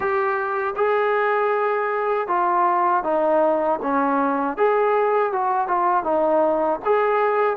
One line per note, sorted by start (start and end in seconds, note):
0.00 0.74 G4
0.76 2.27 G#4
2.27 3.03 F4
3.03 3.79 D#4
3.82 4.57 C#4
4.57 5.32 G#4
5.32 5.67 F#4
5.67 6.03 F4
6.03 6.79 D#4
6.84 7.56 G#4